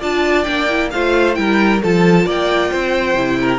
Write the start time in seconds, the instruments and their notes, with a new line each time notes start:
0.00 cello D4, viola F4, violin D5 A5
0.44 cello A#3, viola D4, violin G5
0.69 viola E4
0.91 cello A3, viola F4, violin C5 F5
1.35 cello G3, viola E4, violin A#4 G5
1.83 cello F3, viola F4, violin A4 A5
2.26 cello A#3, violin D5 G5
2.71 cello C4, violin C5
3.14 cello C3, viola E4
3.41 violin A#4